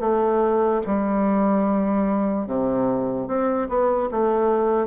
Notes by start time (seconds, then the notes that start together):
0.00 A3
0.86 G3
2.47 C3
3.27 C4
3.69 B3
4.11 A3